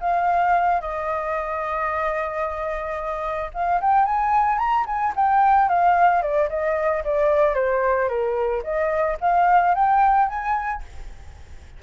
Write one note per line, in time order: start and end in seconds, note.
0.00 0.81 F5
0.81 3.51 D#5
3.54 3.81 F5
3.81 4.05 G5
4.05 4.58 G#5
4.58 4.85 A#5
4.86 5.13 G#5
5.16 5.68 G5
5.68 6.22 F5
6.22 6.49 D5
6.49 7.03 D#5
7.04 7.54 D5
7.54 8.08 C5
8.08 8.62 A#4
8.63 9.17 D#5
9.20 9.74 F5
9.74 10.28 G5
10.28 10.82 G#5